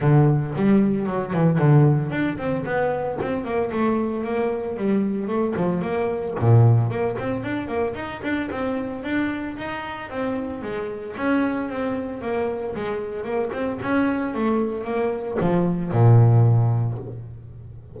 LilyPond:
\new Staff \with { instrumentName = "double bass" } { \time 4/4 \tempo 4 = 113 d4 g4 fis8 e8 d4 | d'8 c'8 b4 c'8 ais8 a4 | ais4 g4 a8 f8 ais4 | ais,4 ais8 c'8 d'8 ais8 dis'8 d'8 |
c'4 d'4 dis'4 c'4 | gis4 cis'4 c'4 ais4 | gis4 ais8 c'8 cis'4 a4 | ais4 f4 ais,2 | }